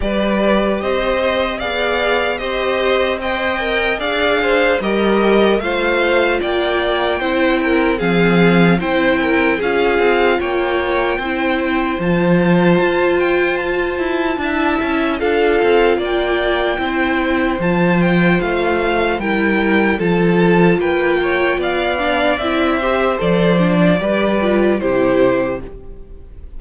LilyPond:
<<
  \new Staff \with { instrumentName = "violin" } { \time 4/4 \tempo 4 = 75 d''4 dis''4 f''4 dis''4 | g''4 f''4 dis''4 f''4 | g''2 f''4 g''4 | f''4 g''2 a''4~ |
a''8 g''8 a''2 f''4 | g''2 a''8 g''8 f''4 | g''4 a''4 g''4 f''4 | e''4 d''2 c''4 | }
  \new Staff \with { instrumentName = "violin" } { \time 4/4 b'4 c''4 d''4 c''4 | dis''4 d''8 c''8 ais'4 c''4 | d''4 c''8 ais'8 gis'4 c''8 ais'8 | gis'4 cis''4 c''2~ |
c''2 e''4 a'4 | d''4 c''2. | ais'4 a'4 b'8 cis''8 d''4~ | d''8 c''4. b'4 g'4 | }
  \new Staff \with { instrumentName = "viola" } { \time 4/4 g'2 gis'4 g'4 | c''8 ais'8 gis'4 g'4 f'4~ | f'4 e'4 c'4 e'4 | f'2 e'4 f'4~ |
f'2 e'4 f'4~ | f'4 e'4 f'2 | e'4 f'2~ f'8 d'8 | e'8 g'8 a'8 d'8 g'8 f'8 e'4 | }
  \new Staff \with { instrumentName = "cello" } { \time 4/4 g4 c'4 b4 c'4~ | c'4 d'4 g4 a4 | ais4 c'4 f4 c'4 | cis'8 c'8 ais4 c'4 f4 |
f'4. e'8 d'8 cis'8 d'8 c'8 | ais4 c'4 f4 a4 | g4 f4 ais4 b4 | c'4 f4 g4 c4 | }
>>